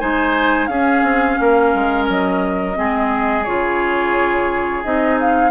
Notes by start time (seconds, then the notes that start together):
0.00 G#3 D#4 C5 G#5
0.67 C#4 G#4 F5
0.73 C#4
1.03 C4
1.40 A#3 A#4
1.74 G#3
2.08 F#3 D#5
2.75 G#3 C4 G#4
3.44 C#3 F4 C#5
4.84 C4 D#4 D#5
5.21 F5